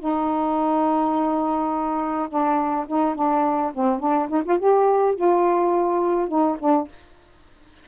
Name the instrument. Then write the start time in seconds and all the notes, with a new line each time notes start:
saxophone
0.00 D#4
2.29 D4
2.88 D#4
3.15 D4
3.75 C4
4.00 D4
4.29 D#4
4.45 F4
4.59 G4
5.16 F4
6.29 D#4
6.60 D4